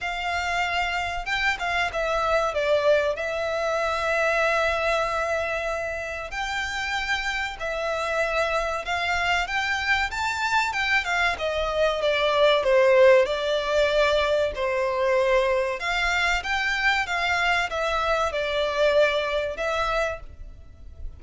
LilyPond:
\new Staff \with { instrumentName = "violin" } { \time 4/4 \tempo 4 = 95 f''2 g''8 f''8 e''4 | d''4 e''2.~ | e''2 g''2 | e''2 f''4 g''4 |
a''4 g''8 f''8 dis''4 d''4 | c''4 d''2 c''4~ | c''4 f''4 g''4 f''4 | e''4 d''2 e''4 | }